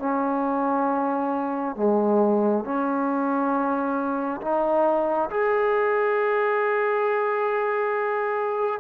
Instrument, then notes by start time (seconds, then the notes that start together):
trombone
0.00 C#4
1.76 G#3
2.65 C#4
4.42 D#4
5.31 G#4